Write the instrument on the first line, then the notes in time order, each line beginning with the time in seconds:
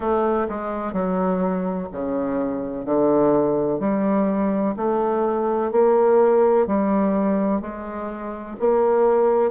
bassoon
0.00 A3
0.48 G#3
0.93 F#3
1.92 C#3
2.85 D3
3.79 G3
4.76 A3
5.71 A#3
6.67 G3
7.61 G#3
8.59 A#3